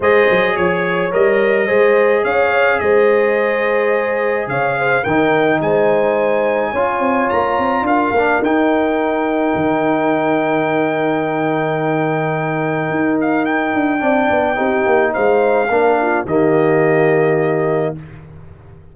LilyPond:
<<
  \new Staff \with { instrumentName = "trumpet" } { \time 4/4 \tempo 4 = 107 dis''4 cis''4 dis''2 | f''4 dis''2. | f''4 g''4 gis''2~ | gis''4 ais''4 f''4 g''4~ |
g''1~ | g''2.~ g''8 f''8 | g''2. f''4~ | f''4 dis''2. | }
  \new Staff \with { instrumentName = "horn" } { \time 4/4 c''4 cis''2 c''4 | cis''4 c''2. | cis''8 c''8 ais'4 c''2 | cis''2 ais'2~ |
ais'1~ | ais'1~ | ais'4 d''4 g'4 c''4 | ais'8 f'8 g'2. | }
  \new Staff \with { instrumentName = "trombone" } { \time 4/4 gis'2 ais'4 gis'4~ | gis'1~ | gis'4 dis'2. | f'2~ f'8 d'8 dis'4~ |
dis'1~ | dis'1~ | dis'4 d'4 dis'2 | d'4 ais2. | }
  \new Staff \with { instrumentName = "tuba" } { \time 4/4 gis8 fis8 f4 g4 gis4 | cis'4 gis2. | cis4 dis4 gis2 | cis'8 c'8 ais8 c'8 d'8 ais8 dis'4~ |
dis'4 dis2.~ | dis2. dis'4~ | dis'8 d'8 c'8 b8 c'8 ais8 gis4 | ais4 dis2. | }
>>